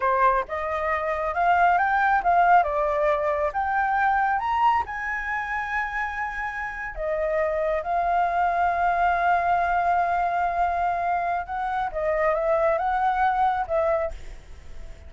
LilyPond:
\new Staff \with { instrumentName = "flute" } { \time 4/4 \tempo 4 = 136 c''4 dis''2 f''4 | g''4 f''4 d''2 | g''2 ais''4 gis''4~ | gis''2.~ gis''8. dis''16~ |
dis''4.~ dis''16 f''2~ f''16~ | f''1~ | f''2 fis''4 dis''4 | e''4 fis''2 e''4 | }